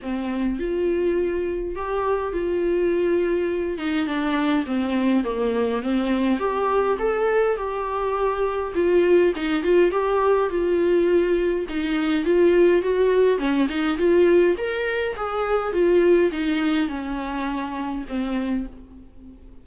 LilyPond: \new Staff \with { instrumentName = "viola" } { \time 4/4 \tempo 4 = 103 c'4 f'2 g'4 | f'2~ f'8 dis'8 d'4 | c'4 ais4 c'4 g'4 | a'4 g'2 f'4 |
dis'8 f'8 g'4 f'2 | dis'4 f'4 fis'4 cis'8 dis'8 | f'4 ais'4 gis'4 f'4 | dis'4 cis'2 c'4 | }